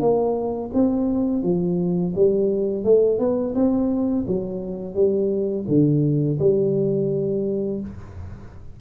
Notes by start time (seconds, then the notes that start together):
0.00 A#3
0.74 C4
1.43 F3
2.15 G3
2.84 A3
3.19 B3
3.55 C4
4.27 F#3
4.94 G3
5.68 D3
6.39 G3